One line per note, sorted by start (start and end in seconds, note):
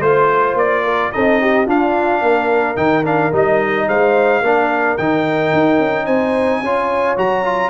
0.00 0.55 A3
0.00 1.13 F4
0.00 0.83 C5
0.00 0.57 C5
0.55 1.10 A#3
0.55 1.12 D5
0.84 1.12 A#4
1.12 1.67 C4
1.12 1.67 D#4
1.12 1.42 A4
1.12 1.67 D#5
1.42 1.67 G4
1.67 2.76 D4
1.67 2.22 D4
1.67 2.22 F4
1.67 2.77 F5
2.22 2.77 A#3
2.22 3.87 A#4
2.76 3.33 D#3
2.76 3.04 D#4
2.76 3.05 G5
3.05 3.32 D4
3.05 3.34 F5
3.33 3.88 G3
3.33 4.43 D#4
3.33 3.89 D#5
3.88 4.42 G#3
3.88 4.43 C5
3.88 4.98 F5
4.42 4.97 A#3
4.42 4.99 D4
4.42 6.06 A#4
4.98 5.53 D#3
4.98 6.65 D#4
4.98 6.06 G5
5.53 5.80 D#4
5.80 6.07 C#4
6.06 6.62 C4
6.06 6.61 C5
6.06 7.16 G#5
6.62 7.17 C#4
6.62 7.17 F4
6.62 7.70 C#5
7.17 7.70 F#3
7.17 7.45 F#4
7.17 7.70 A#5
7.45 7.70 F4